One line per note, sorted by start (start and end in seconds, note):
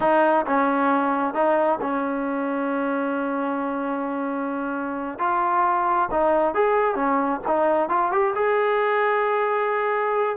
0.00 0.45 D#4
0.46 1.34 C#4
1.34 1.79 D#4
1.81 5.19 C#4
5.19 6.09 F4
6.11 6.54 D#4
6.54 6.95 G#4
6.95 7.40 C#4
7.47 7.89 D#4
7.89 8.11 F4
8.11 8.34 G4
8.35 10.36 G#4